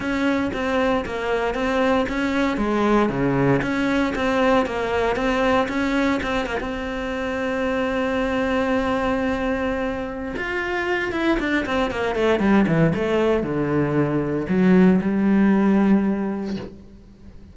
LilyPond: \new Staff \with { instrumentName = "cello" } { \time 4/4 \tempo 4 = 116 cis'4 c'4 ais4 c'4 | cis'4 gis4 cis4 cis'4 | c'4 ais4 c'4 cis'4 | c'8 ais16 c'2.~ c'16~ |
c'1 | f'4. e'8 d'8 c'8 ais8 a8 | g8 e8 a4 d2 | fis4 g2. | }